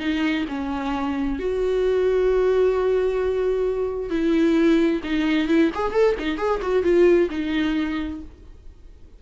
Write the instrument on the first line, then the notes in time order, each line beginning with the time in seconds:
viola
0.00 D#4
0.49 C#4
1.40 F#4
4.11 E4
5.04 D#4
5.49 E4
5.75 G#4
5.93 A4
6.19 D#4
6.38 G#4
6.62 F#4
6.83 F4
7.30 D#4